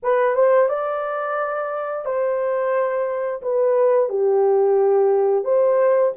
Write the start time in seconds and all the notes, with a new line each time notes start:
0.02 B4
0.35 C5
0.68 D5
2.05 C5
3.42 B4
4.09 G4
5.44 C5